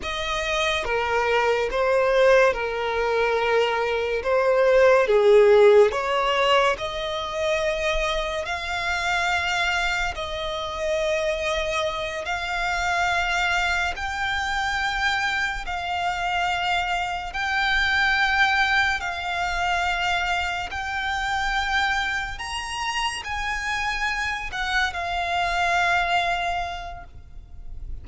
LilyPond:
\new Staff \with { instrumentName = "violin" } { \time 4/4 \tempo 4 = 71 dis''4 ais'4 c''4 ais'4~ | ais'4 c''4 gis'4 cis''4 | dis''2 f''2 | dis''2~ dis''8 f''4.~ |
f''8 g''2 f''4.~ | f''8 g''2 f''4.~ | f''8 g''2 ais''4 gis''8~ | gis''4 fis''8 f''2~ f''8 | }